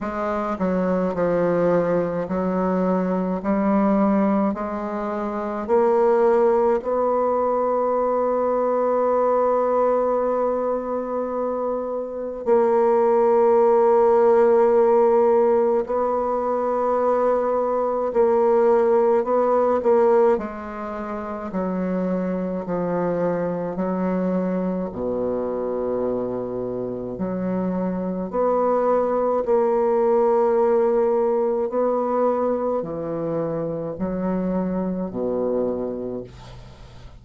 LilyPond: \new Staff \with { instrumentName = "bassoon" } { \time 4/4 \tempo 4 = 53 gis8 fis8 f4 fis4 g4 | gis4 ais4 b2~ | b2. ais4~ | ais2 b2 |
ais4 b8 ais8 gis4 fis4 | f4 fis4 b,2 | fis4 b4 ais2 | b4 e4 fis4 b,4 | }